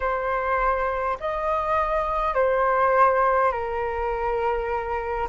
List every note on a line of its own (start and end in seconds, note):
0.00 1.18 C5
1.20 2.34 D#5
2.34 3.51 C5
3.51 5.28 A#4